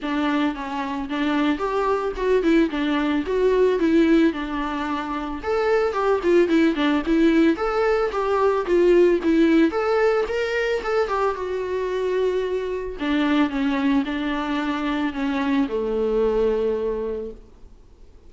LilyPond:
\new Staff \with { instrumentName = "viola" } { \time 4/4 \tempo 4 = 111 d'4 cis'4 d'4 g'4 | fis'8 e'8 d'4 fis'4 e'4 | d'2 a'4 g'8 f'8 | e'8 d'8 e'4 a'4 g'4 |
f'4 e'4 a'4 ais'4 | a'8 g'8 fis'2. | d'4 cis'4 d'2 | cis'4 a2. | }